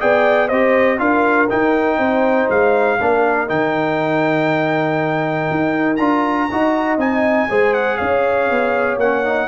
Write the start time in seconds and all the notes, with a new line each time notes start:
0.00 B3 G#4 D5 G5
0.48 C4 G4 C5 D#5
0.99 D4 F4 A#4 F5
1.50 D#4 G5
1.98 C4 C5
2.50 G#3 F5
3.01 A#3 D4 A#4
3.48 D#3 D#4 G5
5.51 D#4
5.97 D4 F4 A#5
6.50 D#4 F#4 D#5
6.98 C4 D#4 G#5
7.50 G#3 G#4 C5
7.74 F#5
7.97 C#4 C#5 F5
8.50 B3
8.97 A#3 C#4 F#5
9.25 D#4